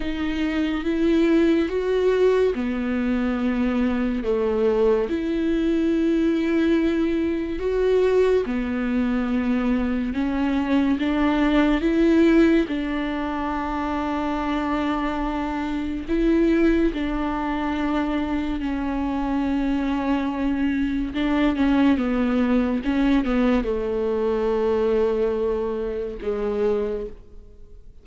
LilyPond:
\new Staff \with { instrumentName = "viola" } { \time 4/4 \tempo 4 = 71 dis'4 e'4 fis'4 b4~ | b4 a4 e'2~ | e'4 fis'4 b2 | cis'4 d'4 e'4 d'4~ |
d'2. e'4 | d'2 cis'2~ | cis'4 d'8 cis'8 b4 cis'8 b8 | a2. gis4 | }